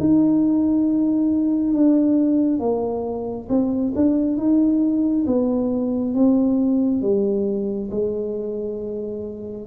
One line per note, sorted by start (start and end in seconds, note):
0.00 1.74 D#4
1.74 2.59 D4
2.59 3.48 A#3
3.49 3.93 C4
3.95 4.37 D4
4.37 5.25 D#4
5.27 6.14 B3
6.14 7.02 C4
7.02 7.90 G3
7.91 9.67 G#3